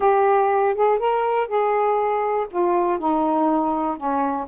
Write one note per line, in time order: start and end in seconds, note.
0.00 0.74 G4
0.74 0.98 G#4
0.98 1.47 A#4
1.47 2.46 G#4
2.50 2.98 F4
2.98 3.97 D#4
3.97 4.47 C#4